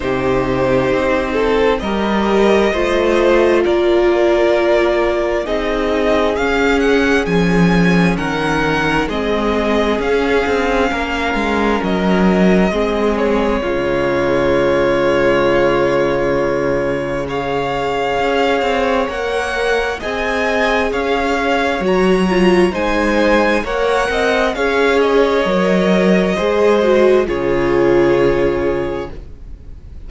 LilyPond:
<<
  \new Staff \with { instrumentName = "violin" } { \time 4/4 \tempo 4 = 66 c''2 dis''2 | d''2 dis''4 f''8 fis''8 | gis''4 fis''4 dis''4 f''4~ | f''4 dis''4. cis''4.~ |
cis''2. f''4~ | f''4 fis''4 gis''4 f''4 | ais''4 gis''4 fis''4 f''8 dis''8~ | dis''2 cis''2 | }
  \new Staff \with { instrumentName = "violin" } { \time 4/4 g'4. a'8 ais'4 c''4 | ais'2 gis'2~ | gis'4 ais'4 gis'2 | ais'2 gis'4 f'4~ |
f'2. cis''4~ | cis''2 dis''4 cis''4~ | cis''4 c''4 cis''8 dis''8 cis''4~ | cis''4 c''4 gis'2 | }
  \new Staff \with { instrumentName = "viola" } { \time 4/4 dis'2 g'4 f'4~ | f'2 dis'4 cis'4~ | cis'2 c'4 cis'4~ | cis'2 c'4 gis4~ |
gis2. gis'4~ | gis'4 ais'4 gis'2 | fis'8 f'8 dis'4 ais'4 gis'4 | ais'4 gis'8 fis'8 f'2 | }
  \new Staff \with { instrumentName = "cello" } { \time 4/4 c4 c'4 g4 a4 | ais2 c'4 cis'4 | f4 dis4 gis4 cis'8 c'8 | ais8 gis8 fis4 gis4 cis4~ |
cis1 | cis'8 c'8 ais4 c'4 cis'4 | fis4 gis4 ais8 c'8 cis'4 | fis4 gis4 cis2 | }
>>